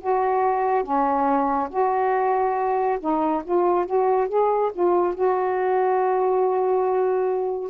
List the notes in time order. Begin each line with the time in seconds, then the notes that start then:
0.00 F#4
0.83 C#4
1.70 F#4
3.00 D#4
3.44 F4
3.86 F#4
4.29 G#4
4.73 F4
5.15 F#4